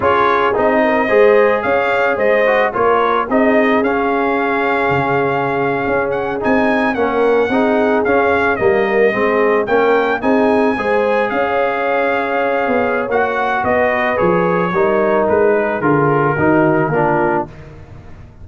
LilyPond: <<
  \new Staff \with { instrumentName = "trumpet" } { \time 4/4 \tempo 4 = 110 cis''4 dis''2 f''4 | dis''4 cis''4 dis''4 f''4~ | f''2.~ f''16 fis''8 gis''16~ | gis''8. fis''2 f''4 dis''16~ |
dis''4.~ dis''16 g''4 gis''4~ gis''16~ | gis''8. f''2.~ f''16 | fis''4 dis''4 cis''2 | b'4 ais'2. | }
  \new Staff \with { instrumentName = "horn" } { \time 4/4 gis'4. ais'8 c''4 cis''4 | c''4 ais'4 gis'2~ | gis'1~ | gis'8. ais'4 gis'2 ais'16~ |
ais'8. gis'4 ais'4 gis'4 c''16~ | c''8. cis''2.~ cis''16~ | cis''4 b'2 ais'4~ | ais'8 gis'4. fis'4 f'4 | }
  \new Staff \with { instrumentName = "trombone" } { \time 4/4 f'4 dis'4 gis'2~ | gis'8 fis'8 f'4 dis'4 cis'4~ | cis'2.~ cis'8. dis'16~ | dis'8. cis'4 dis'4 cis'4 ais16~ |
ais8. c'4 cis'4 dis'4 gis'16~ | gis'1 | fis'2 gis'4 dis'4~ | dis'4 f'4 dis'4 d'4 | }
  \new Staff \with { instrumentName = "tuba" } { \time 4/4 cis'4 c'4 gis4 cis'4 | gis4 ais4 c'4 cis'4~ | cis'4 cis4.~ cis16 cis'4 c'16~ | c'8. ais4 c'4 cis'4 g16~ |
g8. gis4 ais4 c'4 gis16~ | gis8. cis'2~ cis'8 b8. | ais4 b4 f4 g4 | gis4 d4 dis4 ais4 | }
>>